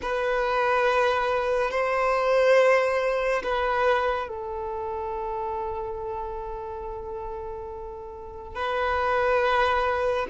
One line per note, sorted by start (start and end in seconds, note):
0.02 1.71 B4
1.71 3.42 C5
3.43 4.28 B4
4.28 8.55 A4
8.55 10.27 B4